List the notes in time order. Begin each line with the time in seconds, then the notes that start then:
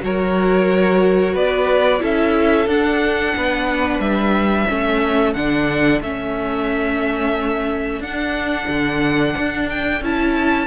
0.00 F#3 F#4 A#4 C#5
1.33 B3 B4 D5
1.99 C#4 E4 A4 E5
2.67 D4 F#5
3.36 B3 B4
3.99 G3 E5
4.68 A3 C#4 A4
5.33 D3 D4 F#5
6.00 A3 C#4 E5
8.00 D4 F#5
8.68 D3
9.37 D4
9.69 G5
10.01 C#4 E4 A5